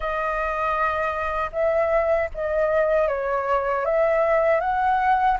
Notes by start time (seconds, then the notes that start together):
0.00 D#5
1.52 E5
2.34 D#5
3.08 C#5
3.85 E5
4.60 F#5